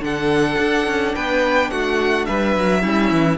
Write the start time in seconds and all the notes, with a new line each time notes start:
0.00 D3 D4 F#5
0.06 A4
0.59 D4
0.87 C#4
1.15 B3 B4 G5
1.71 A3 F#4 F#5
2.26 G3 B4 E5
2.56 F#3
2.81 G3 C#4 E4
3.11 E3